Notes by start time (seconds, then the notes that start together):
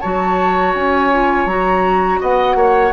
0.00 F#3 F#4 C#5 A5
0.74 C#4 G#5
1.12 F4
1.45 F#3 F#4 A#5
2.20 B3 D#5 F#5
2.54 A#3 C#5